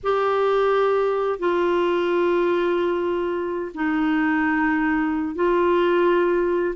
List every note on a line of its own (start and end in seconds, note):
0.03 1.39 G4
1.39 3.71 F4
3.74 5.35 D#4
5.35 6.74 F4